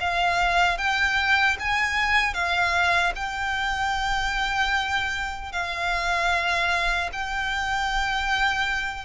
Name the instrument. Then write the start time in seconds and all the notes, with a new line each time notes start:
violin
0.00 F5
0.78 G5
1.59 G#5
2.34 F5
3.15 G5
5.52 F5
7.12 G5